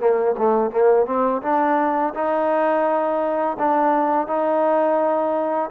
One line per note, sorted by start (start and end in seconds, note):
0.00 0.36 A#3
0.38 0.71 A3
0.71 1.06 A#3
1.06 1.42 C4
1.43 2.14 D4
2.15 3.58 D#4
3.59 4.28 D4
4.28 5.70 D#4